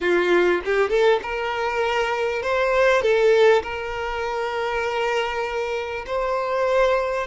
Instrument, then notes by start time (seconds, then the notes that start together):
violin
0.00 F4
0.64 G4
0.89 A4
1.22 A#4
2.42 C5
3.01 A4
3.63 A#4
6.06 C5